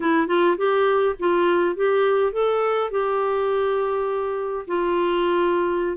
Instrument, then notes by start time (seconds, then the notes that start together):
clarinet
0.00 E4
0.27 F4
0.57 G4
1.19 F4
1.75 G4
2.32 A4
2.90 G4
4.67 F4